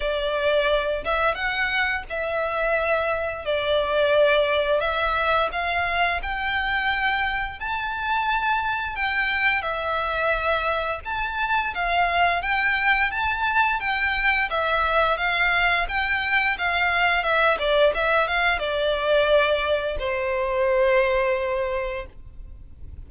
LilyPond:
\new Staff \with { instrumentName = "violin" } { \time 4/4 \tempo 4 = 87 d''4. e''8 fis''4 e''4~ | e''4 d''2 e''4 | f''4 g''2 a''4~ | a''4 g''4 e''2 |
a''4 f''4 g''4 a''4 | g''4 e''4 f''4 g''4 | f''4 e''8 d''8 e''8 f''8 d''4~ | d''4 c''2. | }